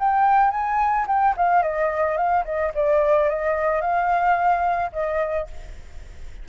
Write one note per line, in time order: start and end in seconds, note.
0.00 0.51 G5
0.51 1.06 G#5
1.08 1.35 G5
1.37 1.63 F5
1.63 2.17 D#5
2.17 2.45 F5
2.45 2.73 D#5
2.74 3.30 D5
3.30 3.82 D#5
3.82 4.92 F5
4.93 5.48 D#5